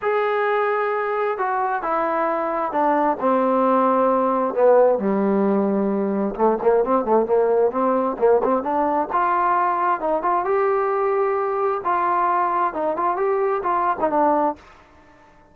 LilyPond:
\new Staff \with { instrumentName = "trombone" } { \time 4/4 \tempo 4 = 132 gis'2. fis'4 | e'2 d'4 c'4~ | c'2 b4 g4~ | g2 a8 ais8 c'8 a8 |
ais4 c'4 ais8 c'8 d'4 | f'2 dis'8 f'8 g'4~ | g'2 f'2 | dis'8 f'8 g'4 f'8. dis'16 d'4 | }